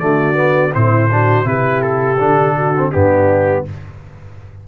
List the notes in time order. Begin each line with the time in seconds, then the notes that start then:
0.00 D3 A3 F#4 D5
0.35 B3
0.74 A2 C4 E4 C5
1.12 D4 F#4
1.45 C3 E4 G4 B4
1.82 A4
2.20 D3 D4
2.56 F#4
2.77 C4
2.90 G2 B3 D4 G4